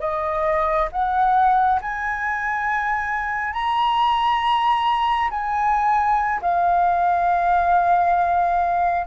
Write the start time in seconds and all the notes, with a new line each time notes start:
0.00 D#5
0.92 F#5
1.81 G#5
3.53 A#5
5.30 G#5
6.41 F5